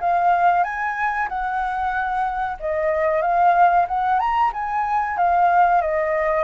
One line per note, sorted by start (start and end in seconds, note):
0.00 0.64 F5
0.64 1.28 G#5
1.28 2.57 F#5
2.60 3.21 D#5
3.21 3.86 F5
3.87 4.19 F#5
4.19 4.51 A#5
4.52 5.17 G#5
5.17 5.81 F5
5.81 6.44 D#5